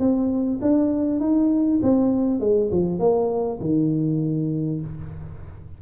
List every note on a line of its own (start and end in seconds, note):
0.00 0.60 C4
0.62 1.20 D4
1.20 1.80 D#4
1.83 2.41 C4
2.41 2.71 G#3
2.72 2.99 F3
2.99 3.59 A#3
3.61 4.81 D#3